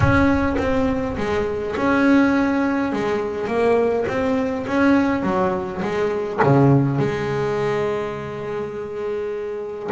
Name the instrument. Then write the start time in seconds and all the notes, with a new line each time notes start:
double bass
0.00 C#4
0.58 C4
1.17 G#3
1.76 C#4
2.92 G#3
3.47 A#3
4.08 C4
4.67 C#4
5.22 F#3
5.81 G#3
6.43 C#3
6.98 G#3